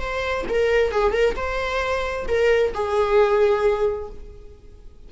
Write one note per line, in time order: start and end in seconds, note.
0.00 0.45 C5
0.49 0.92 A#4
0.92 1.13 G#4
1.13 1.35 A#4
1.36 2.26 C5
2.28 2.73 A#4
2.74 4.09 G#4